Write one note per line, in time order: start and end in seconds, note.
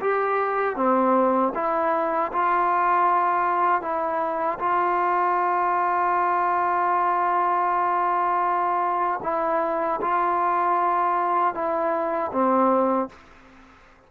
0.00 0.76 G4
0.76 1.52 C4
1.54 2.31 E4
2.32 3.81 F4
3.81 4.58 E4
4.59 9.20 F4
9.23 10.00 E4
10.01 11.54 F4
11.54 12.31 E4
12.32 13.09 C4